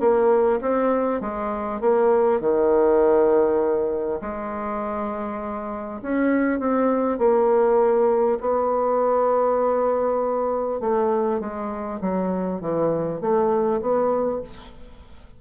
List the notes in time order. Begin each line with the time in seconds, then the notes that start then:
0.00 A#3
0.62 C4
1.21 G#3
1.81 A#3
2.41 D#3
4.22 G#3
6.02 C#4
6.59 C4
7.18 A#3
8.41 B3
10.81 A3
11.40 G#3
12.01 F#3
12.61 E3
13.21 A3
13.82 B3